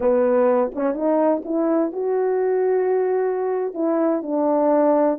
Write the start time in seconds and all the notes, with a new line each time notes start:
0.00 B3
0.75 C#4
0.94 D#4
1.45 E4
1.92 F#4
3.74 E4
4.22 D4